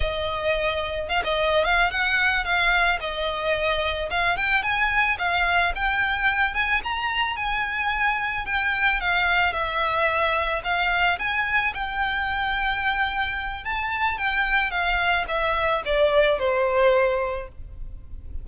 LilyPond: \new Staff \with { instrumentName = "violin" } { \time 4/4 \tempo 4 = 110 dis''2 f''16 dis''8. f''8 fis''8~ | fis''8 f''4 dis''2 f''8 | g''8 gis''4 f''4 g''4. | gis''8 ais''4 gis''2 g''8~ |
g''8 f''4 e''2 f''8~ | f''8 gis''4 g''2~ g''8~ | g''4 a''4 g''4 f''4 | e''4 d''4 c''2 | }